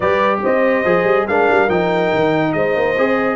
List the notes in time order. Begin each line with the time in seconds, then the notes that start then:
0.00 G3 G4 B4 D5
0.42 C4 C5 D#5
0.84 F3 G#4
1.04 G3
1.27 G#3 D4 A#4 F5
1.51 G3
1.68 F3 D#4 G5
2.13 D#3
2.52 G#3 C5 D#5
2.75 A#3
2.97 C4 G#4